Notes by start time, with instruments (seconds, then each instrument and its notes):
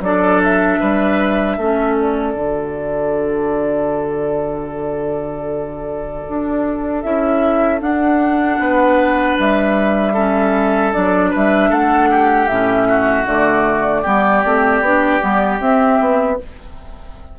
0.00 bassoon F#3, clarinet D4, oboe A4, flute D5
0.43 flute E5
0.80 bassoon G3, oboe B4
1.58 bassoon A3, clarinet C#4, oboe A4
1.94 flute D5
2.35 bassoon D3, clarinet F#4
6.29 bassoon D4
7.02 bassoon C#4, clarinet E4, flute E5
7.80 clarinet D4, bassoon D4, flute F#5
8.59 bassoon B3, oboe B4
9.39 bassoon G3, flute E5
10.14 clarinet C#4, oboe A4
10.93 bassoon F#3, clarinet D4, flute D5
11.31 bassoon G3, oboe B4, flute E5
11.70 bassoon A3, oboe A4, flute F#5
12.10 oboe G4
12.48 bassoon A2, clarinet C#4, flute E5
12.88 oboe F#4
13.26 bassoon D3, clarinet A3, flute D5
14.02 bassoon G3, clarinet B3, oboe G4
14.45 bassoon A3, clarinet C4
14.81 bassoon B3, clarinet D4
15.21 bassoon G3, clarinet B3
15.60 bassoon C4, clarinet C4, flute E5
16.00 bassoon B3